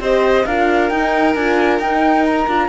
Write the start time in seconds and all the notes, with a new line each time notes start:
0.00 C4 G4 C5 D#5
0.46 D4 F4 A#4 F5
0.90 D#4 G5
1.35 D4 F4 G#5
1.79 D#4 G5
2.26 A#5
2.48 D4 F4